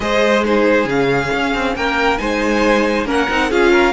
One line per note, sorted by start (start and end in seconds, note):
0.00 0.84 G#3
0.00 0.40 G#4
0.00 0.44 C5
0.00 0.44 D#5
0.44 0.87 D#4
0.44 1.76 G#4
0.44 0.89 C5
0.84 1.28 C#3
0.84 2.18 C#4
0.84 1.76 F5
1.33 1.53 C#4
1.53 1.75 C4
1.75 2.19 A#3
1.75 2.20 A#4
1.75 2.18 G5
2.18 3.05 G#3
2.18 3.05 D#4
2.18 3.06 C5
2.18 3.05 G#5
3.05 3.27 A#3
3.05 3.27 C#4
3.05 3.50 A#4
3.05 3.51 F#5
3.29 3.51 C4
3.29 3.50 D#4
3.50 3.92 C#4
3.50 3.92 F4
3.50 3.71 G#4
3.50 3.92 F5
3.71 3.92 A#4